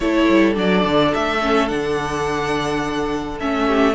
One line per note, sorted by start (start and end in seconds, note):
0.00 0.26 A3
0.00 0.54 E4
0.00 3.66 A4
0.00 0.54 C#5
0.29 0.56 G3
0.54 0.84 F#3
0.54 1.39 D4
0.54 1.14 D5
0.84 1.12 D3
1.14 1.70 A3
1.14 1.68 E5
1.41 1.68 C#4
1.68 3.40 D3
1.68 3.38 D4
1.68 3.38 F#5
3.40 3.94 A3
3.40 3.94 C#4
3.40 3.94 E5
3.66 3.94 G4